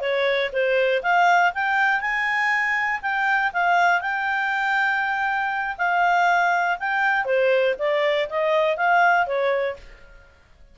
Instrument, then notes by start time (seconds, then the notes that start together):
clarinet
0.00 C#5
0.52 C5
1.02 F5
1.54 G5
2.00 G#5
3.02 G5
3.53 F5
4.01 G5
5.77 F5
6.79 G5
7.25 C5
7.78 D5
8.29 D#5
8.76 F5
9.26 C#5